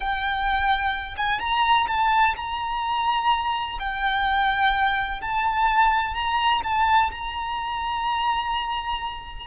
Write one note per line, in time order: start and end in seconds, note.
0.00 1.15 G5
1.17 1.39 G#5
1.39 1.87 A#5
1.87 2.35 A5
2.36 3.78 A#5
3.79 5.20 G5
5.21 6.14 A5
6.14 6.61 A#5
6.63 7.10 A5
7.11 9.46 A#5